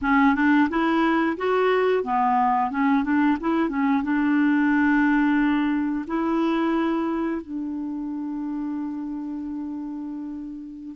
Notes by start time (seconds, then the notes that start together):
0.01 C#4
0.35 D4
0.69 E4
1.37 F#4
2.03 B3
2.70 C#4
3.03 D4
3.40 E4
3.69 C#4
4.03 D4
6.07 E4
7.41 D4